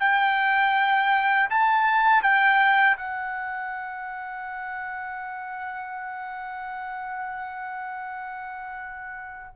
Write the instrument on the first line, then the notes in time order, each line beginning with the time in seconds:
trumpet
0.00 G5
1.51 A5
2.24 G5
2.97 F#5